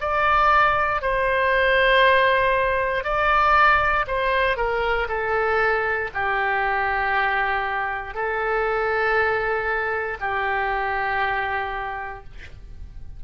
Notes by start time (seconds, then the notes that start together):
0.00 D5
1.01 C5
3.04 D5
4.07 C5
4.56 A#4
5.08 A4
6.13 G4
8.14 A4
10.20 G4